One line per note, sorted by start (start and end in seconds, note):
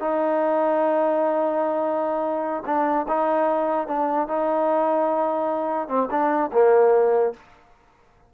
0.00 2.64 D#4
2.66 3.06 D4
3.08 3.88 D#4
3.88 4.28 D4
4.28 5.88 D#4
5.88 6.09 C4
6.11 6.51 D4
6.52 7.33 A#3